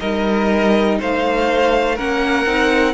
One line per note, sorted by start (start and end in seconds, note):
0.00 1.00 G3
0.00 1.97 D#4
0.00 0.98 A#4
0.00 0.98 D#5
1.00 1.99 A3
1.00 1.95 C5
1.00 1.98 F5
1.95 2.46 A#3
1.95 2.47 C#4
1.95 2.93 A#4
1.95 2.93 F#5
2.46 2.93 C4
2.46 2.93 D#4